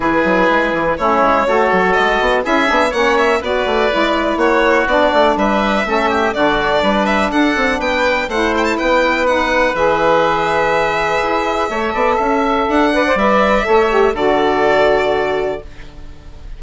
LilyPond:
<<
  \new Staff \with { instrumentName = "violin" } { \time 4/4 \tempo 4 = 123 b'2 cis''2 | dis''4 e''4 fis''8 e''8 d''4~ | d''4 cis''4 d''4 e''4~ | e''4 d''4. e''8 fis''4 |
g''4 fis''8 g''16 a''16 g''4 fis''4 | e''1~ | e''2 fis''4 e''4~ | e''4 d''2. | }
  \new Staff \with { instrumentName = "oboe" } { \time 4/4 gis'2 e'4 a'4~ | a'4 gis'4 cis''4 b'4~ | b'4 fis'2 b'4 | a'8 g'8 fis'4 b'4 a'4 |
b'4 c''4 b'2~ | b'1 | cis''8 d''8 e''4. d''4. | cis''4 a'2. | }
  \new Staff \with { instrumentName = "saxophone" } { \time 4/4 e'2 cis'4 fis'4~ | fis'4 e'8 d'8 cis'4 fis'4 | e'2 d'2 | cis'4 d'2.~ |
d'4 e'2 dis'4 | gis'1 | a'2~ a'8 b'16 c''16 b'4 | a'8 g'8 fis'2. | }
  \new Staff \with { instrumentName = "bassoon" } { \time 4/4 e8 fis8 gis8 e8 a8 gis8 a8 fis8 | gis8 b8 cis'8 b8 ais4 b8 a8 | gis4 ais4 b8 a8 g4 | a4 d4 g4 d'8 c'8 |
b4 a4 b2 | e2. e'4 | a8 b8 cis'4 d'4 g4 | a4 d2. | }
>>